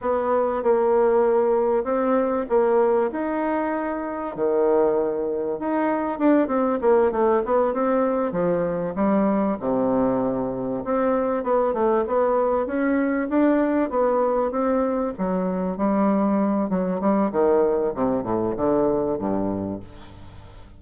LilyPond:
\new Staff \with { instrumentName = "bassoon" } { \time 4/4 \tempo 4 = 97 b4 ais2 c'4 | ais4 dis'2 dis4~ | dis4 dis'4 d'8 c'8 ais8 a8 | b8 c'4 f4 g4 c8~ |
c4. c'4 b8 a8 b8~ | b8 cis'4 d'4 b4 c'8~ | c'8 fis4 g4. fis8 g8 | dis4 c8 a,8 d4 g,4 | }